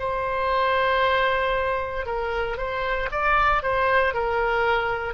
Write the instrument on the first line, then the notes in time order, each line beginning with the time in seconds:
oboe
0.00 C5
2.06 A#4
2.58 C5
3.12 D5
3.63 C5
4.14 A#4